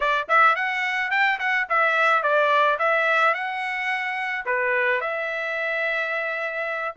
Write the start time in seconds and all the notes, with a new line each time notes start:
0.00 D5
0.28 E5
0.55 F#5
1.11 G5
1.39 F#5
1.69 E5
2.22 D5
2.79 E5
3.34 F#5
4.45 B4
5.01 E5